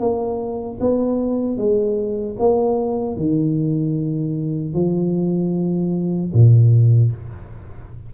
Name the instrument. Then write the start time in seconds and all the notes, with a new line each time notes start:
tuba
0.00 A#3
0.80 B3
1.58 G#3
2.39 A#3
3.17 D#3
4.74 F3
6.33 A#2